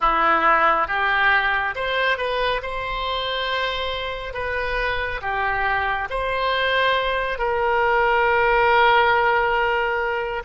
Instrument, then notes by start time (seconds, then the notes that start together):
oboe
0.00 E4
0.87 G4
1.75 C5
2.17 B4
2.62 C5
4.33 B4
5.21 G4
6.10 C5
7.38 A#4